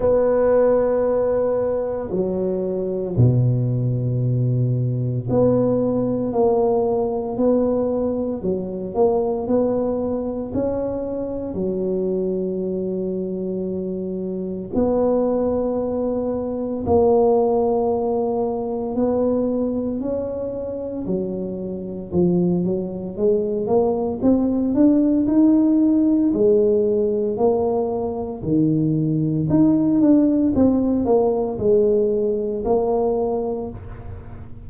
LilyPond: \new Staff \with { instrumentName = "tuba" } { \time 4/4 \tempo 4 = 57 b2 fis4 b,4~ | b,4 b4 ais4 b4 | fis8 ais8 b4 cis'4 fis4~ | fis2 b2 |
ais2 b4 cis'4 | fis4 f8 fis8 gis8 ais8 c'8 d'8 | dis'4 gis4 ais4 dis4 | dis'8 d'8 c'8 ais8 gis4 ais4 | }